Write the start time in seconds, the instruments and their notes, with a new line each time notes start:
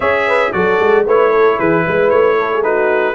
0.00 tuba C#4, trombone G#4, horn C#5, trumpet E5
0.27 horn B4
0.52 tuba F#3, trombone F#4, horn A4, trumpet D5
0.80 tuba G#3
1.05 tuba A3, trombone E4, horn B4, trumpet C#5
1.31 horn A4
1.59 tuba E3, horn G#4, trumpet B4
1.84 tuba G#3, horn B4
2.09 tuba A3, trumpet C#5
2.38 horn A4
2.53 horn G#4
2.62 trombone D#4, horn F#4, trumpet B4